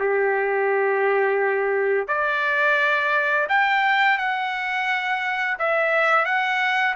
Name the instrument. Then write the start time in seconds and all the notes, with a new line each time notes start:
trumpet
0.00 G4
2.08 D5
3.49 G5
4.18 F#5
5.59 E5
6.25 F#5